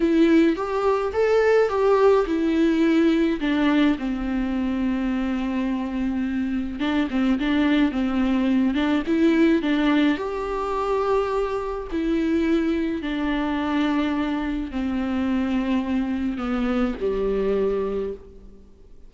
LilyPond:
\new Staff \with { instrumentName = "viola" } { \time 4/4 \tempo 4 = 106 e'4 g'4 a'4 g'4 | e'2 d'4 c'4~ | c'1 | d'8 c'8 d'4 c'4. d'8 |
e'4 d'4 g'2~ | g'4 e'2 d'4~ | d'2 c'2~ | c'4 b4 g2 | }